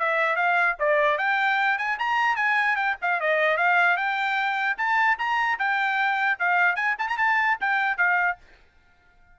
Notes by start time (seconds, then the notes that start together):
0.00 E5
0.37 F5
0.80 D5
1.18 G5
1.79 G#5
1.99 A#5
2.37 G#5
2.77 G5
3.02 F5
3.21 D#5
3.58 F5
3.97 G5
4.78 A5
5.19 A#5
5.59 G5
6.40 F5
6.76 G#5
6.99 A5
7.09 A#5
7.18 A5
7.61 G5
7.98 F5